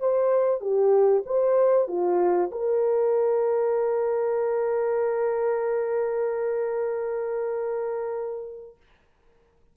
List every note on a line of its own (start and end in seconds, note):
0.00 0.61 C5
0.61 1.23 G4
1.26 1.88 C5
1.88 2.51 F4
2.52 8.77 A#4